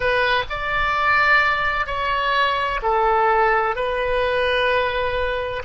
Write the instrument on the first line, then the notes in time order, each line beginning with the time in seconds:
oboe
0.00 B4
0.49 D5
1.86 C#5
2.82 A4
3.75 B4